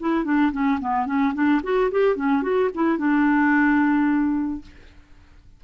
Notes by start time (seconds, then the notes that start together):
0.00 E4
0.24 D4
0.52 C#4
0.80 B3
1.06 C#4
1.34 D4
1.63 F#4
1.91 G4
2.16 C#4
2.42 F#4
2.74 E4
2.98 D4